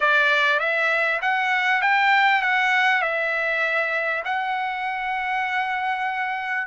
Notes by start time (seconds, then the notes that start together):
0.00 D5
0.59 E5
1.21 F#5
1.81 G5
2.42 F#5
3.01 E5
4.24 F#5